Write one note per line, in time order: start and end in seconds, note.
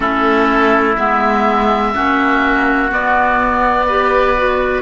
0.00 0.96 A3
0.00 0.94 C#4
0.00 1.92 E4
0.00 0.95 A4
0.96 1.95 G#3
0.96 1.94 B3
0.96 2.90 E5
1.94 2.91 A#3
1.94 2.90 C#4
1.94 3.86 F#4
2.90 3.86 B3
2.90 4.82 B3
2.90 4.82 D5
3.86 4.36 G4
3.86 4.82 B4
4.36 4.82 F#4